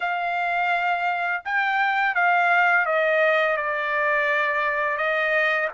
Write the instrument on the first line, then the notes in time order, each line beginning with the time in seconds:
trumpet
0.00 F5
1.44 G5
2.14 F5
2.85 D#5
3.56 D5
4.97 D#5